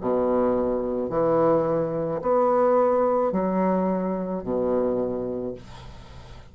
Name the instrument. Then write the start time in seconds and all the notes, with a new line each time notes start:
bassoon
0.00 B2
1.09 E3
2.21 B3
3.31 F#3
4.43 B2